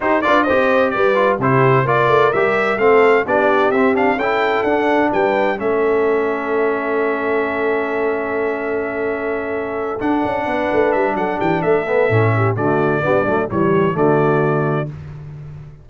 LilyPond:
<<
  \new Staff \with { instrumentName = "trumpet" } { \time 4/4 \tempo 4 = 129 c''8 d''8 dis''4 d''4 c''4 | d''4 e''4 f''4 d''4 | e''8 f''8 g''4 fis''4 g''4 | e''1~ |
e''1~ | e''4. fis''2 e''8 | fis''8 g''8 e''2 d''4~ | d''4 cis''4 d''2 | }
  \new Staff \with { instrumentName = "horn" } { \time 4/4 g'8 b'8 c''4 b'4 g'4 | ais'2 a'4 g'4~ | g'4 a'2 b'4 | a'1~ |
a'1~ | a'2~ a'8 b'4. | a'8 g'8 a'4. g'8 fis'4 | d'4 g'4 fis'2 | }
  \new Staff \with { instrumentName = "trombone" } { \time 4/4 dis'8 f'8 g'4. f'8 e'4 | f'4 g'4 c'4 d'4 | c'8 d'8 e'4 d'2 | cis'1~ |
cis'1~ | cis'4. d'2~ d'8~ | d'4. b8 cis'4 a4 | b8 a8 g4 a2 | }
  \new Staff \with { instrumentName = "tuba" } { \time 4/4 dis'8 d'8 c'4 g4 c4 | ais8 a8 g4 a4 b4 | c'4 cis'4 d'4 g4 | a1~ |
a1~ | a4. d'8 cis'8 b8 a8 g8 | fis8 e8 a4 a,4 d4 | g8 fis8 e4 d2 | }
>>